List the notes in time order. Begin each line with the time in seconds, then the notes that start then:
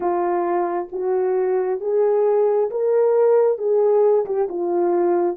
0.00 F4
0.92 F#4
1.80 G#4
2.70 A#4
3.58 G#4
4.25 G4
4.49 F4